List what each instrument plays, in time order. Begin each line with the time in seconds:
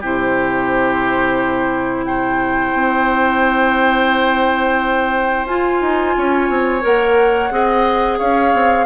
0.00 bassoon C3, clarinet E4, oboe G4, flute C5
2.04 oboe C5, flute G5
2.73 bassoon C4
5.45 bassoon F4, clarinet F4, flute G#5
5.80 bassoon D#4
6.17 bassoon C#4, oboe C#5
6.49 bassoon C4
6.81 bassoon A#3, clarinet A#4, flute F#5
7.50 bassoon C4, clarinet G#4, oboe D#5
8.18 bassoon C#4, oboe C#5, flute F5
8.53 bassoon C4